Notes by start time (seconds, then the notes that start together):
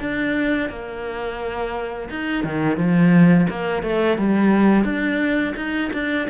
0.00 D4
0.69 A#3
2.10 D#4
2.44 D#3
2.77 F3
3.49 A#3
3.83 A3
4.18 G3
4.85 D4
5.56 D#4
5.93 D4